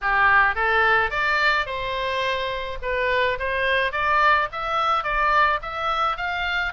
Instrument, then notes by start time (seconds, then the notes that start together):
oboe
0.01 G4
0.55 A4
1.10 D5
1.66 C5
2.82 B4
3.39 C5
3.92 D5
4.51 E5
5.03 D5
5.62 E5
6.17 F5